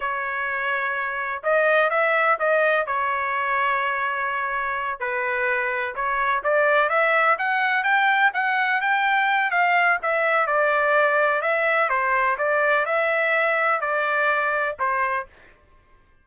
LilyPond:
\new Staff \with { instrumentName = "trumpet" } { \time 4/4 \tempo 4 = 126 cis''2. dis''4 | e''4 dis''4 cis''2~ | cis''2~ cis''8 b'4.~ | b'8 cis''4 d''4 e''4 fis''8~ |
fis''8 g''4 fis''4 g''4. | f''4 e''4 d''2 | e''4 c''4 d''4 e''4~ | e''4 d''2 c''4 | }